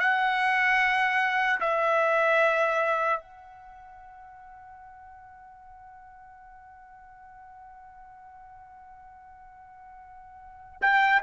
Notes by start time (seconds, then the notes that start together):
0.00 F#5
1.60 E5
3.20 F#5
10.81 G5